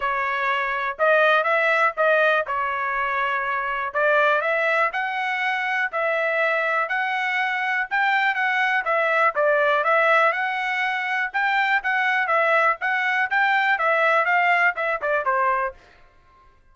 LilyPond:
\new Staff \with { instrumentName = "trumpet" } { \time 4/4 \tempo 4 = 122 cis''2 dis''4 e''4 | dis''4 cis''2. | d''4 e''4 fis''2 | e''2 fis''2 |
g''4 fis''4 e''4 d''4 | e''4 fis''2 g''4 | fis''4 e''4 fis''4 g''4 | e''4 f''4 e''8 d''8 c''4 | }